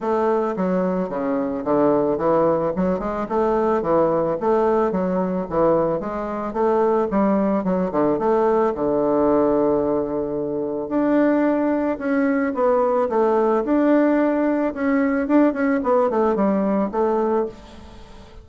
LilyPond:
\new Staff \with { instrumentName = "bassoon" } { \time 4/4 \tempo 4 = 110 a4 fis4 cis4 d4 | e4 fis8 gis8 a4 e4 | a4 fis4 e4 gis4 | a4 g4 fis8 d8 a4 |
d1 | d'2 cis'4 b4 | a4 d'2 cis'4 | d'8 cis'8 b8 a8 g4 a4 | }